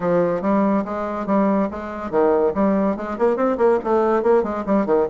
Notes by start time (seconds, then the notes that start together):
0.00 F3
0.41 G3
0.84 G#3
1.26 G3
1.70 G#3
2.10 D#3
2.54 G3
2.96 G#3
3.18 A#3
3.36 C4
3.57 A#3
3.83 A3
4.22 A#3
4.43 G#3
4.66 G3
4.86 D#3